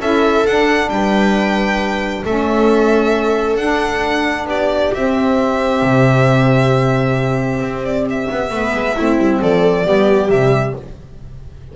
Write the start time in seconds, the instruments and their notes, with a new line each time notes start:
0.00 double bass C#4, saxophone E4, viola A4, violin E5
0.47 double bass D4, saxophone D4, violin F#5
0.89 double bass G3, viola B4, violin G5
2.25 double bass A3, saxophone C#4, viola A4, violin E5
3.57 double bass D4, saxophone D4, violin F#5
4.46 double bass B3, viola G4, violin D5
4.94 double bass C4, saxophone C4, violin E5
5.82 double bass C3
7.60 double bass C4
7.85 violin D5
8.10 violin E5
8.31 double bass B3
8.50 double bass A3, saxophone B3, viola B4
8.74 double bass G#3
8.95 double bass A3, saxophone C4, viola E4
9.18 double bass G3
9.42 double bass F3, viola A4, violin D5
9.85 double bass G3, saxophone B3, viola G4
10.30 double bass C3, saxophone G3, violin E5